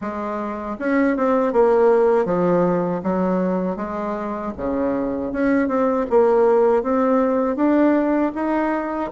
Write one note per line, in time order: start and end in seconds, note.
0.01 0.77 G#3
0.79 1.16 C#4
1.16 1.52 C4
1.52 2.25 A#3
2.25 3.01 F3
3.03 3.76 F#3
3.76 4.52 G#3
4.57 5.32 C#3
5.32 5.68 C#4
5.68 6.06 C4
6.10 6.83 A#3
6.83 7.56 C4
7.56 8.32 D4
8.34 9.10 D#4